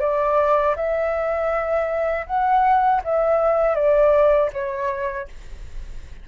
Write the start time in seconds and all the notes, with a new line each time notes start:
0.00 D5
0.76 E5
2.26 F#5
3.04 E5
3.75 D5
4.53 C#5